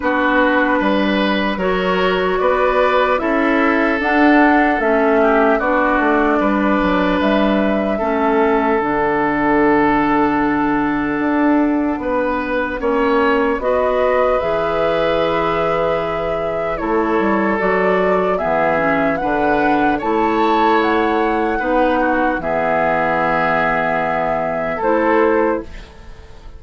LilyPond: <<
  \new Staff \with { instrumentName = "flute" } { \time 4/4 \tempo 4 = 75 b'2 cis''4 d''4 | e''4 fis''4 e''4 d''4~ | d''4 e''2 fis''4~ | fis''1~ |
fis''4 dis''4 e''2~ | e''4 cis''4 d''4 e''4 | fis''4 a''4 fis''2 | e''2. c''4 | }
  \new Staff \with { instrumentName = "oboe" } { \time 4/4 fis'4 b'4 ais'4 b'4 | a'2~ a'8 g'8 fis'4 | b'2 a'2~ | a'2. b'4 |
cis''4 b'2.~ | b'4 a'2 gis'4 | b'4 cis''2 b'8 fis'8 | gis'2. a'4 | }
  \new Staff \with { instrumentName = "clarinet" } { \time 4/4 d'2 fis'2 | e'4 d'4 cis'4 d'4~ | d'2 cis'4 d'4~ | d'1 |
cis'4 fis'4 gis'2~ | gis'4 e'4 fis'4 b8 cis'8 | d'4 e'2 dis'4 | b2. e'4 | }
  \new Staff \with { instrumentName = "bassoon" } { \time 4/4 b4 g4 fis4 b4 | cis'4 d'4 a4 b8 a8 | g8 fis8 g4 a4 d4~ | d2 d'4 b4 |
ais4 b4 e2~ | e4 a8 g8 fis4 e4 | d4 a2 b4 | e2. a4 | }
>>